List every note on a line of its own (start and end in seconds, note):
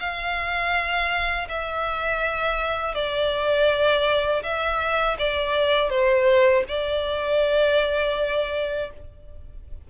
0.00 1.48 F5
1.49 2.95 E5
2.95 4.43 D5
4.43 5.17 E5
5.19 5.90 D5
5.90 6.64 C5
6.68 8.90 D5